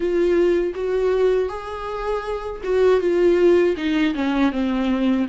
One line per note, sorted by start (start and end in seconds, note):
0.00 0.73 F4
0.74 1.49 F#4
1.49 2.61 G#4
2.63 3.00 F#4
3.00 3.75 F4
3.76 4.14 D#4
4.14 4.51 C#4
4.51 5.26 C4